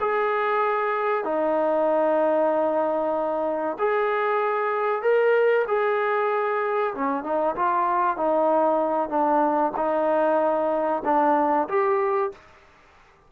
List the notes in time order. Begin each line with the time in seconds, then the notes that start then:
0.00 G#4
1.24 D#4
3.78 G#4
5.02 A#4
5.68 G#4
6.94 C#4
7.23 D#4
7.56 F4
8.17 D#4
9.09 D4
9.76 D#4
11.05 D4
11.68 G4